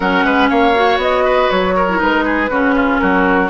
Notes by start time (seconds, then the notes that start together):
0.00 F#3 C#4 A#4 F#5
0.23 G#3 B4
0.49 A#3 C#5 F5
0.74 F#4
0.97 B3 D#5
1.24 B4
1.50 F#3 C#5
1.75 A#4
1.89 E4
1.97 G#3 D#4 B4
2.24 G#4
2.49 C#3 C#4 F#4
2.75 F4
2.98 F#3 F#4 A#4